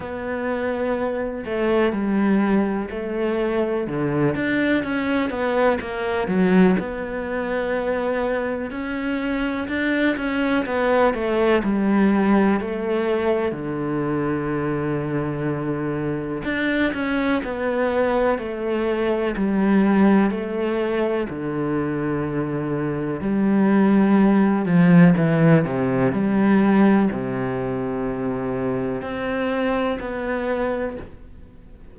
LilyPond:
\new Staff \with { instrumentName = "cello" } { \time 4/4 \tempo 4 = 62 b4. a8 g4 a4 | d8 d'8 cis'8 b8 ais8 fis8 b4~ | b4 cis'4 d'8 cis'8 b8 a8 | g4 a4 d2~ |
d4 d'8 cis'8 b4 a4 | g4 a4 d2 | g4. f8 e8 c8 g4 | c2 c'4 b4 | }